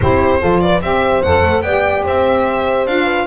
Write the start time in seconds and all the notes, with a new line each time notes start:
0.00 C4 E4 G4 C5
0.39 F3 F4 A4
0.60 B4 D5
0.81 C4 G4 C5 E5
1.22 F2 A4 F#5
1.42 A3
1.61 B3 G4 D5 G5
2.04 C4 C5 E5
2.86 D4 F4 F5
3.04 B4